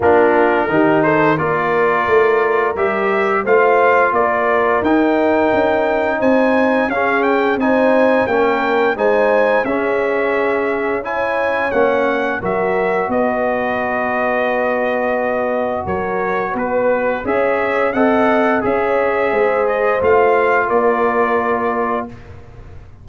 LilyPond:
<<
  \new Staff \with { instrumentName = "trumpet" } { \time 4/4 \tempo 4 = 87 ais'4. c''8 d''2 | e''4 f''4 d''4 g''4~ | g''4 gis''4 f''8 g''8 gis''4 | g''4 gis''4 e''2 |
gis''4 fis''4 e''4 dis''4~ | dis''2. cis''4 | b'4 e''4 fis''4 e''4~ | e''8 dis''8 f''4 d''2 | }
  \new Staff \with { instrumentName = "horn" } { \time 4/4 f'4 g'8 a'8 ais'2~ | ais'4 c''4 ais'2~ | ais'4 c''4 gis'4 c''4 | ais'4 c''4 gis'2 |
cis''2 ais'4 b'4~ | b'2. ais'4 | b'4 cis''4 dis''4 cis''4 | c''2 ais'2 | }
  \new Staff \with { instrumentName = "trombone" } { \time 4/4 d'4 dis'4 f'2 | g'4 f'2 dis'4~ | dis'2 cis'4 dis'4 | cis'4 dis'4 cis'2 |
e'4 cis'4 fis'2~ | fis'1~ | fis'4 gis'4 a'4 gis'4~ | gis'4 f'2. | }
  \new Staff \with { instrumentName = "tuba" } { \time 4/4 ais4 dis4 ais4 a4 | g4 a4 ais4 dis'4 | cis'4 c'4 cis'4 c'4 | ais4 gis4 cis'2~ |
cis'4 ais4 fis4 b4~ | b2. fis4 | b4 cis'4 c'4 cis'4 | gis4 a4 ais2 | }
>>